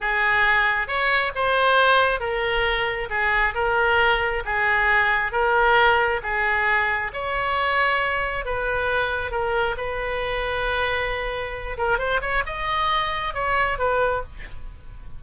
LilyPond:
\new Staff \with { instrumentName = "oboe" } { \time 4/4 \tempo 4 = 135 gis'2 cis''4 c''4~ | c''4 ais'2 gis'4 | ais'2 gis'2 | ais'2 gis'2 |
cis''2. b'4~ | b'4 ais'4 b'2~ | b'2~ b'8 ais'8 c''8 cis''8 | dis''2 cis''4 b'4 | }